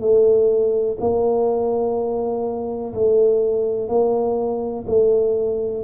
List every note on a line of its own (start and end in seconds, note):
0.00 0.97 A3
1.00 2.94 A#3
2.94 3.88 A3
3.88 4.85 A#3
4.87 5.83 A3